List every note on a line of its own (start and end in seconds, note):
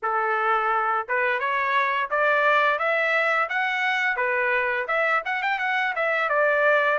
0.02 1.07 A4
1.08 1.39 B4
1.39 2.09 C#5
2.10 2.78 D5
2.78 3.48 E5
3.49 4.16 F#5
4.16 4.86 B4
4.87 5.22 E5
5.25 5.42 F#5
5.42 5.58 G5
5.58 5.93 F#5
5.95 6.29 E5
6.29 6.98 D5